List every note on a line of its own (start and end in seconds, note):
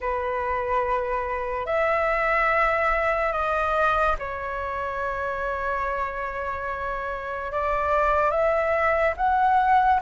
0.00 1.66 B4
1.66 3.32 E5
3.32 4.16 D#5
4.18 7.52 C#5
7.52 8.30 D5
8.30 9.14 E5
9.17 10.00 F#5